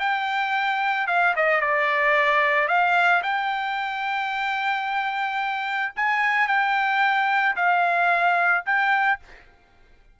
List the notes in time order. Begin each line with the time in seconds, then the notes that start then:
0.00 G5
1.08 F5
1.36 D#5
1.61 D5
2.68 F5
3.23 G5
5.96 G#5
6.48 G5
7.57 F5
8.66 G5